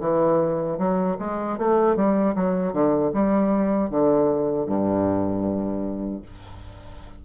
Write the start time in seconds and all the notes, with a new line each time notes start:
0.00 E3
0.78 F#3
1.19 G#3
1.58 A3
1.96 G3
2.35 F#3
2.73 D3
3.13 G3
3.90 D3
4.66 G2